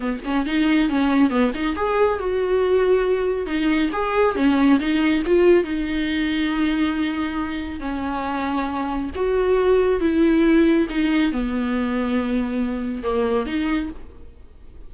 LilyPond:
\new Staff \with { instrumentName = "viola" } { \time 4/4 \tempo 4 = 138 b8 cis'8 dis'4 cis'4 b8 dis'8 | gis'4 fis'2. | dis'4 gis'4 cis'4 dis'4 | f'4 dis'2.~ |
dis'2 cis'2~ | cis'4 fis'2 e'4~ | e'4 dis'4 b2~ | b2 ais4 dis'4 | }